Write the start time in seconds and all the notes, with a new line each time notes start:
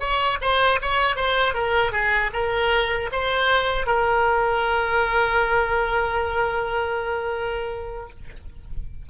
0.00 C#5
0.41 C5
0.81 C#5
1.16 C5
1.54 A#4
1.92 G#4
2.33 A#4
3.12 C5
3.86 A#4